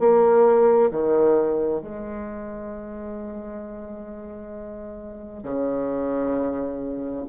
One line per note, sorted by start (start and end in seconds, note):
0.00 0.91 A#3
0.91 1.82 D#3
1.82 5.44 G#3
5.44 7.26 C#3